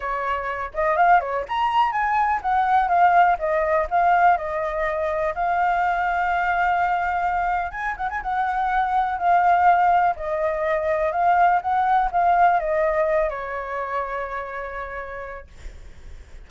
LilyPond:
\new Staff \with { instrumentName = "flute" } { \time 4/4 \tempo 4 = 124 cis''4. dis''8 f''8 cis''8 ais''4 | gis''4 fis''4 f''4 dis''4 | f''4 dis''2 f''4~ | f''1 |
gis''8 fis''16 gis''16 fis''2 f''4~ | f''4 dis''2 f''4 | fis''4 f''4 dis''4. cis''8~ | cis''1 | }